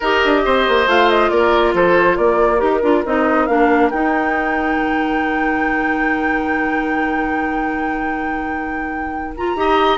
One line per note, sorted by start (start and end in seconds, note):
0.00 0.23 D#4
0.00 0.87 G4
0.00 0.40 A#4
0.00 0.89 D#5
0.24 0.45 D4
0.45 0.67 C4
0.45 1.31 C5
0.67 0.86 A#3
0.86 1.29 A3
0.86 2.58 F4
0.86 1.09 F5
1.09 1.29 D#5
1.29 1.73 A#3
1.29 1.74 A#4
1.29 1.73 D5
1.73 2.17 F3
1.73 2.16 A4
1.73 2.16 C5
2.16 2.61 A#3
2.16 9.55 A#4
2.16 2.59 D5
2.58 2.82 D#4
2.58 2.80 G4
2.58 3.03 A#4
2.82 3.04 D4
2.82 3.04 F4
3.05 3.48 C4
3.05 3.48 D#4
3.05 3.46 D#5
3.46 3.92 A#3
3.46 3.91 D4
3.46 3.89 F5
3.90 4.77 D#4
3.90 9.36 D#4
3.90 9.34 G5
4.77 9.55 D#3
9.37 9.56 F4
9.37 9.98 A#5
9.55 9.98 D#4
9.55 9.98 G4
9.55 9.98 D#5